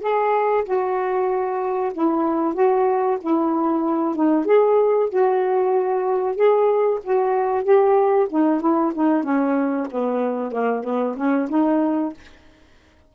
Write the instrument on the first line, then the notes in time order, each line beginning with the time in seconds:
saxophone
0.00 G#4
0.64 F#4
1.93 E4
2.54 F#4
3.21 E4
4.15 D#4
4.45 G#4
5.09 F#4
6.35 G#4
7.03 F#4
7.63 G4
8.29 D#4
8.60 E4
8.94 D#4
9.23 C#4
9.91 B3
10.51 A#3
10.84 B3
11.16 C#4
11.49 D#4